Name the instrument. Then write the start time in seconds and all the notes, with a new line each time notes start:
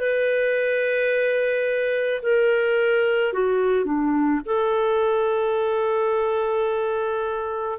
clarinet
0.00 B4
2.23 A#4
3.33 F#4
3.85 D4
4.45 A4